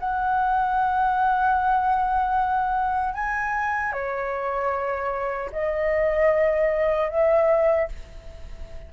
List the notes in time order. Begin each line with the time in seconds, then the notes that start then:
0.00 F#5
3.14 G#5
3.93 C#5
5.52 D#5
7.10 E5